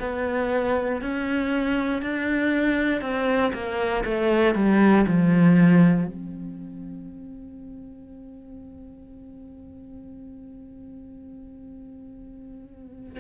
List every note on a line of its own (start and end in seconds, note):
0.00 1.02 B3
1.02 2.02 C#4
2.02 3.01 D4
3.01 3.52 C4
3.53 4.04 A#3
4.05 4.55 A3
4.55 5.06 G3
5.07 6.07 F3
6.07 13.19 C4